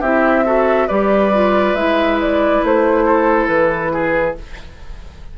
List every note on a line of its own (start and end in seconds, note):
0.00 0.88 C4
0.00 0.45 E4
0.00 0.43 G4
0.00 0.88 E5
0.45 0.88 F#4
0.45 0.87 A4
0.87 1.74 G3
0.87 1.32 G4
0.87 3.05 B4
0.87 1.75 D5
1.33 1.77 F4
1.74 2.61 G#3
1.74 4.38 E4
1.74 2.18 E5
2.21 2.64 D5
2.63 3.48 A3
2.63 3.47 C5
3.05 3.92 A4
3.47 4.35 E3
3.47 4.34 B4
3.92 4.36 G#4